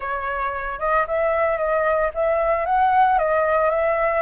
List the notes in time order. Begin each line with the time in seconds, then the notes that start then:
0.00 C#5
0.79 D#5
1.07 E5
1.57 D#5
2.14 E5
2.65 F#5
3.18 D#5
3.70 E5